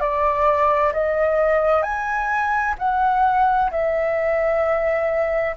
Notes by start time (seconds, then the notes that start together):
0.00 D5
0.93 D#5
1.83 G#5
2.79 F#5
3.71 E5